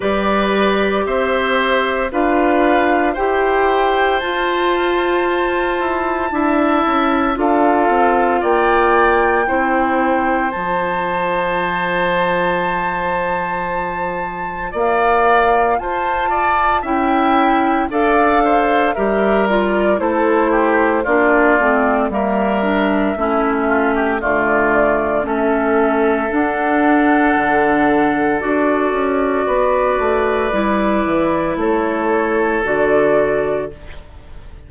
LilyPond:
<<
  \new Staff \with { instrumentName = "flute" } { \time 4/4 \tempo 4 = 57 d''4 e''4 f''4 g''4 | a''2. f''4 | g''2 a''2~ | a''2 f''4 a''4 |
g''4 f''4 e''8 d''8 c''4 | d''4 e''2 d''4 | e''4 fis''2 d''4~ | d''2 cis''4 d''4 | }
  \new Staff \with { instrumentName = "oboe" } { \time 4/4 b'4 c''4 b'4 c''4~ | c''2 e''4 a'4 | d''4 c''2.~ | c''2 d''4 c''8 d''8 |
e''4 d''8 c''8 ais'4 a'8 g'8 | f'4 ais'4 e'8 f'16 g'16 f'4 | a'1 | b'2 a'2 | }
  \new Staff \with { instrumentName = "clarinet" } { \time 4/4 g'2 f'4 g'4 | f'2 e'4 f'4~ | f'4 e'4 f'2~ | f'1 |
e'4 a'4 g'8 f'8 e'4 | d'8 c'8 ais8 d'8 cis'4 a4 | cis'4 d'2 fis'4~ | fis'4 e'2 fis'4 | }
  \new Staff \with { instrumentName = "bassoon" } { \time 4/4 g4 c'4 d'4 e'4 | f'4. e'8 d'8 cis'8 d'8 c'8 | ais4 c'4 f2~ | f2 ais4 f'4 |
cis'4 d'4 g4 a4 | ais8 a8 g4 a4 d4 | a4 d'4 d4 d'8 cis'8 | b8 a8 g8 e8 a4 d4 | }
>>